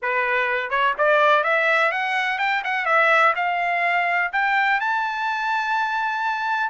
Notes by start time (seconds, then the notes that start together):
0.02 B4
0.70 C#5
0.98 D5
1.43 E5
1.91 F#5
2.38 G5
2.64 F#5
2.85 E5
3.35 F5
4.32 G5
4.80 A5